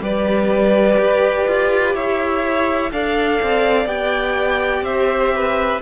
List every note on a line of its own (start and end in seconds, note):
0.00 0.97 G3
0.00 2.92 G4
0.00 1.96 B4
0.00 1.96 D5
0.99 1.47 G4
1.48 1.95 F4
1.95 2.92 E4
1.95 2.93 C#5
1.95 2.93 E5
2.93 3.41 D4
2.93 3.87 A4
2.93 4.86 D5
2.93 3.88 F5
3.43 3.86 C4
3.86 4.82 B3
3.86 5.81 G4
3.86 4.85 G5
4.82 5.79 C4
4.82 5.35 C5
4.82 5.81 E5
5.36 5.82 B4